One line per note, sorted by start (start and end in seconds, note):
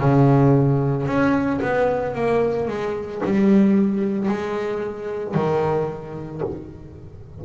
0.00 1.07 C#3
1.07 1.60 C#4
1.62 2.15 B3
2.15 2.68 A#3
2.68 3.22 G#3
3.25 4.29 G3
4.29 5.35 G#3
5.35 6.42 D#3